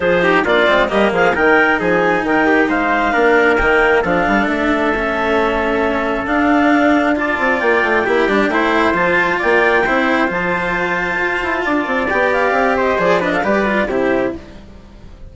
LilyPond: <<
  \new Staff \with { instrumentName = "clarinet" } { \time 4/4 \tempo 4 = 134 c''4 d''4 dis''8 f''8 g''4 | gis''4 g''4 f''2 | g''4 f''4 e''2~ | e''2 f''2 |
a''4 g''2. | a''4 g''2 a''4~ | a''2. g''8 f''8~ | f''8 dis''8 d''8 dis''16 f''16 d''4 c''4 | }
  \new Staff \with { instrumentName = "trumpet" } { \time 4/4 gis'8 g'8 f'4 g'8 gis'8 ais'4 | gis'4 ais'8 g'8 c''4 ais'4~ | ais'4 a'2.~ | a'1 |
d''2 g'4 c''4~ | c''4 d''4 c''2~ | c''2 d''2~ | d''8 c''4 b'16 a'16 b'4 g'4 | }
  \new Staff \with { instrumentName = "cello" } { \time 4/4 f'8 dis'8 d'8 c'8 ais4 dis'4~ | dis'2. d'4 | ais4 d'2 cis'4~ | cis'2 d'2 |
f'2 e'8 d'8 e'4 | f'2 e'4 f'4~ | f'2. g'4~ | g'4 gis'8 d'8 g'8 f'8 e'4 | }
  \new Staff \with { instrumentName = "bassoon" } { \time 4/4 f4 ais8 gis8 g8 f8 dis4 | f4 dis4 gis4 ais4 | dis4 f8 g8 a2~ | a2 d'2~ |
d'8 c'8 ais8 a8 ais8 g8 a4 | f4 ais4 c'4 f4~ | f4 f'8 e'8 d'8 c'8 b4 | c'4 f4 g4 c4 | }
>>